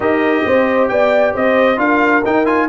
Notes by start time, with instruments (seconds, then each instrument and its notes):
0.00 tuba D#4, trombone G4, horn A#4, trumpet D#5
0.45 tuba C4, horn C5
0.88 tuba B3, horn D5, trumpet G5
1.33 tuba C4, horn C5, trumpet D#5
1.76 tuba D4, trombone F4, horn A#4, trumpet F5
2.24 trombone D#4, tuba D#4, trumpet G5
2.45 trombone F4, trumpet G#5